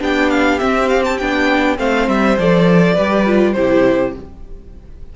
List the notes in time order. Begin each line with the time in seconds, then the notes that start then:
0.00 B3 D4 G4 G5
0.30 F5
0.59 C4 E5
0.89 F5
1.05 A5
1.18 B3 D4 G5
1.78 A3 C4 C5 F5
2.08 G3 E5
2.38 F3 A4 D5
2.94 G3 G4 B4
3.26 F4
3.53 C3 E4 G4 C5